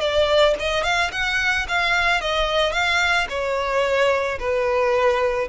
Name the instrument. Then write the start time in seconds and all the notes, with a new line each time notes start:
violin
0.00 D5
0.59 D#5
0.83 F5
1.12 F#5
1.68 F5
2.21 D#5
2.72 F5
3.29 C#5
4.39 B4